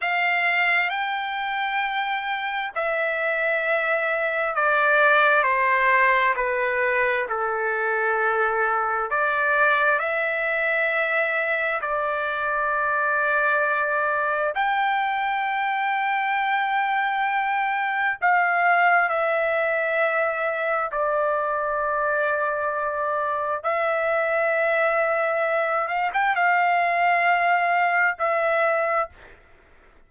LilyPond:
\new Staff \with { instrumentName = "trumpet" } { \time 4/4 \tempo 4 = 66 f''4 g''2 e''4~ | e''4 d''4 c''4 b'4 | a'2 d''4 e''4~ | e''4 d''2. |
g''1 | f''4 e''2 d''4~ | d''2 e''2~ | e''8 f''16 g''16 f''2 e''4 | }